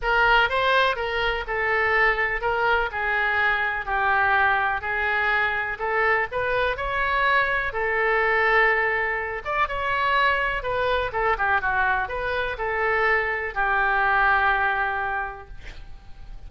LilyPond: \new Staff \with { instrumentName = "oboe" } { \time 4/4 \tempo 4 = 124 ais'4 c''4 ais'4 a'4~ | a'4 ais'4 gis'2 | g'2 gis'2 | a'4 b'4 cis''2 |
a'2.~ a'8 d''8 | cis''2 b'4 a'8 g'8 | fis'4 b'4 a'2 | g'1 | }